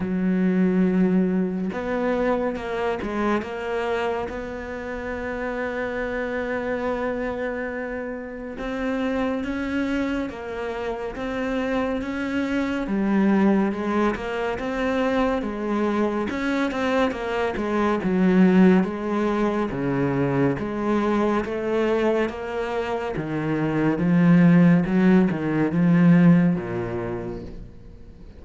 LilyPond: \new Staff \with { instrumentName = "cello" } { \time 4/4 \tempo 4 = 70 fis2 b4 ais8 gis8 | ais4 b2.~ | b2 c'4 cis'4 | ais4 c'4 cis'4 g4 |
gis8 ais8 c'4 gis4 cis'8 c'8 | ais8 gis8 fis4 gis4 cis4 | gis4 a4 ais4 dis4 | f4 fis8 dis8 f4 ais,4 | }